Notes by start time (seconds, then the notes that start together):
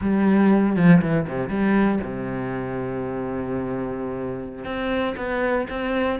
0.01 G3
0.76 F3
1.01 E3
1.27 C3
1.49 G3
2.03 C3
4.65 C4
5.16 B3
5.69 C4